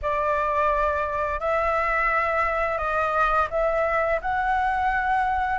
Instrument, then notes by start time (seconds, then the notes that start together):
flute
0.02 D5
1.40 E5
2.78 D#5
3.50 E5
4.21 F#5